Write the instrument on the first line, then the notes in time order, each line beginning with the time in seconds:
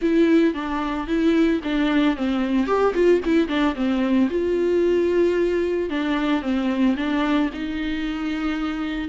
viola
0.01 E4
0.54 D4
1.07 E4
1.63 D4
2.16 C4
2.66 G4
2.93 F4
3.24 E4
3.47 D4
3.75 C4
4.30 F4
5.89 D4
6.42 C4
6.96 D4
7.53 D#4